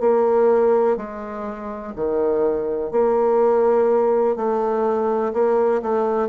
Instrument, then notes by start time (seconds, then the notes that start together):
bassoon
0.00 A#3
0.97 G#3
1.96 D#3
2.91 A#3
4.36 A3
5.33 A#3
5.82 A3